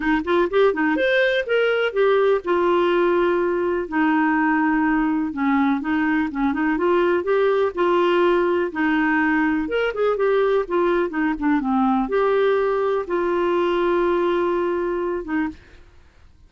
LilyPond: \new Staff \with { instrumentName = "clarinet" } { \time 4/4 \tempo 4 = 124 dis'8 f'8 g'8 dis'8 c''4 ais'4 | g'4 f'2. | dis'2. cis'4 | dis'4 cis'8 dis'8 f'4 g'4 |
f'2 dis'2 | ais'8 gis'8 g'4 f'4 dis'8 d'8 | c'4 g'2 f'4~ | f'2.~ f'8 dis'8 | }